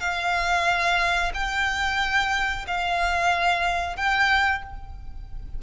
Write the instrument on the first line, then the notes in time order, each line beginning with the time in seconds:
violin
0.00 F5
1.34 G5
2.67 F5
3.96 G5